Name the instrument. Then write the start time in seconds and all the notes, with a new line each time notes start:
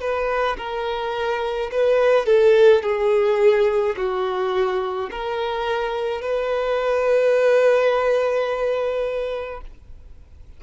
violin
0.00 B4
0.58 A#4
1.71 B4
2.26 A4
2.83 G#4
3.97 F#4
5.11 A#4
6.22 B4